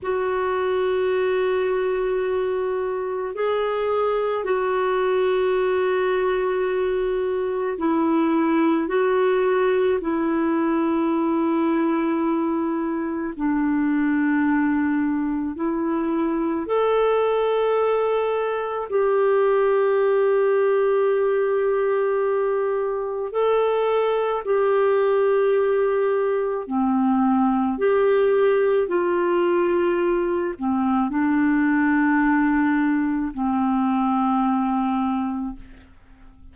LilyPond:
\new Staff \with { instrumentName = "clarinet" } { \time 4/4 \tempo 4 = 54 fis'2. gis'4 | fis'2. e'4 | fis'4 e'2. | d'2 e'4 a'4~ |
a'4 g'2.~ | g'4 a'4 g'2 | c'4 g'4 f'4. c'8 | d'2 c'2 | }